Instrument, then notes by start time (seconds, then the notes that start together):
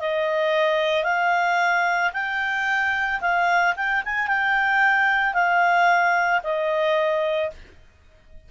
clarinet
0.00 D#5
1.04 F5
2.14 G5
3.21 F5
3.76 G5
4.05 G#5
4.28 G5
5.34 F5
6.43 D#5